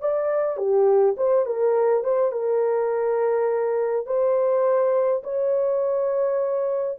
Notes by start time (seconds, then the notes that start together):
0.00 D5
0.57 G4
1.17 C5
1.46 A#4
2.04 C5
2.31 A#4
4.06 C5
5.23 C#5